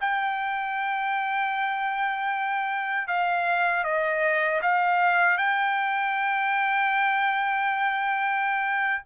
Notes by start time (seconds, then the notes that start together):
0.00 G5
3.07 F5
3.84 D#5
4.62 F5
5.37 G5